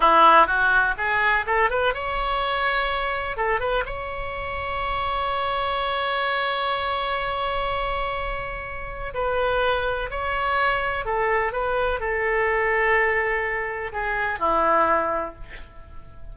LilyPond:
\new Staff \with { instrumentName = "oboe" } { \time 4/4 \tempo 4 = 125 e'4 fis'4 gis'4 a'8 b'8 | cis''2. a'8 b'8 | cis''1~ | cis''1~ |
cis''2. b'4~ | b'4 cis''2 a'4 | b'4 a'2.~ | a'4 gis'4 e'2 | }